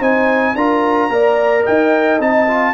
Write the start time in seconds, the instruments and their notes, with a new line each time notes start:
0.00 tuba C4, trombone D#4, horn C5, trumpet G#5
0.55 tuba D4, trombone F4, horn A#4, trumpet A#5
1.10 tuba A#3, trombone A#4, horn D5
1.63 tuba D#4, horn D#5, trumpet G5
2.20 tuba C4, trombone D#4, trumpet A5
2.48 trombone F4